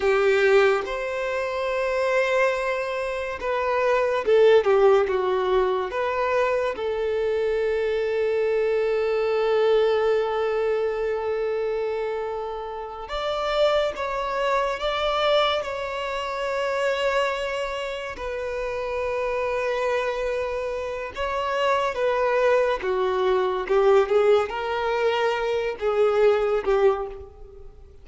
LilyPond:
\new Staff \with { instrumentName = "violin" } { \time 4/4 \tempo 4 = 71 g'4 c''2. | b'4 a'8 g'8 fis'4 b'4 | a'1~ | a'2.~ a'8 d''8~ |
d''8 cis''4 d''4 cis''4.~ | cis''4. b'2~ b'8~ | b'4 cis''4 b'4 fis'4 | g'8 gis'8 ais'4. gis'4 g'8 | }